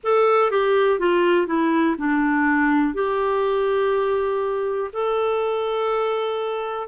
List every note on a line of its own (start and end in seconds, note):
0.03 0.51 A4
0.51 0.99 G4
0.99 1.46 F4
1.46 1.95 E4
1.98 2.94 D4
2.94 4.90 G4
4.92 6.88 A4